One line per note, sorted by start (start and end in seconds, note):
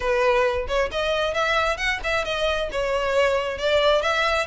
0.00 0.67 B4
0.67 0.90 C#5
0.91 1.34 D#5
1.34 1.77 E5
1.77 1.99 F#5
2.03 2.24 E5
2.24 2.69 D#5
2.71 3.57 C#5
3.57 4.02 D5
4.02 4.47 E5